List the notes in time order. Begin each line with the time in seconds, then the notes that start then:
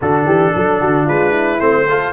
0.01 D3 D4 F#4 A4
0.24 E3 G4
0.55 F#3 A4
0.80 D3 F#4
1.05 G#3 F4 B4
1.30 E4
1.59 A3 C4 C5
1.89 F4 A4